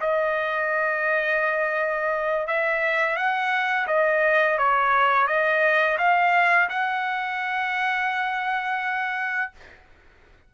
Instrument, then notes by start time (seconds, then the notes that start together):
trumpet
0.00 D#5
2.47 E5
3.16 F#5
3.87 D#5
4.58 C#5
5.27 D#5
5.98 F5
6.69 F#5